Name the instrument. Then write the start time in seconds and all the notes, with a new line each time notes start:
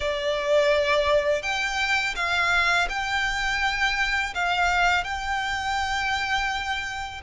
violin
0.00 D5
1.42 G5
2.15 F5
2.89 G5
4.34 F5
5.04 G5